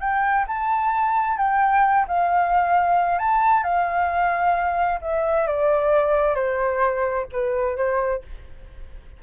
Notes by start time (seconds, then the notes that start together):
0.00 G5
0.47 A5
1.37 G5
2.08 F5
3.18 A5
3.63 F5
5.01 E5
5.47 D5
6.35 C5
7.32 B4
7.76 C5